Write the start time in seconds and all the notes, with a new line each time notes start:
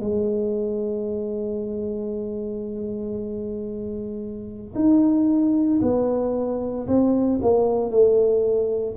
0.00 G#3
4.75 D#4
5.81 B3
6.87 C4
7.42 A#3
7.90 A3